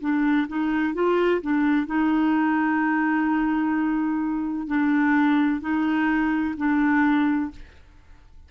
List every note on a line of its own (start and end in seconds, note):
0.00 0.47 D4
0.47 0.94 D#4
0.94 1.41 F4
1.41 1.86 D4
1.86 4.67 D#4
4.67 5.60 D4
5.60 6.54 D#4
6.57 7.50 D4